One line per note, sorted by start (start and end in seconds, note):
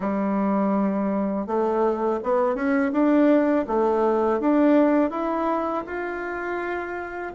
0.00 1.46 G3
1.46 2.20 A3
2.23 2.55 B3
2.55 2.91 C#4
2.92 3.65 D4
3.67 4.39 A3
4.39 5.10 D4
5.10 5.83 E4
5.86 7.32 F4